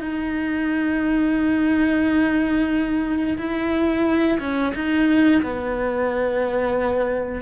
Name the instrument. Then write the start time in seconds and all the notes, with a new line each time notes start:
cello
0.00 D#4
3.38 E4
4.39 C#4
4.75 D#4
5.42 B3